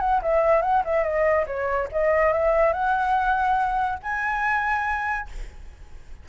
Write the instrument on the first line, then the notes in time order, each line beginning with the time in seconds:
flute
0.00 F#5
0.23 E5
0.62 F#5
0.85 E5
1.03 D#5
1.46 C#5
1.92 D#5
2.33 E5
2.73 F#5
4.03 G#5